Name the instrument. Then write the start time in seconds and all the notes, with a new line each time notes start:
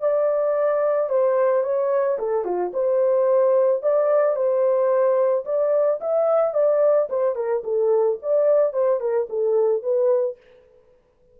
horn
0.00 D5
1.09 C5
1.63 C#5
2.18 A4
2.44 F4
2.73 C5
3.82 D5
4.35 C5
5.45 D5
6.00 E5
6.54 D5
7.09 C5
7.35 A#4
7.63 A4
8.22 D5
8.73 C5
9.00 A#4
9.29 A4
9.82 B4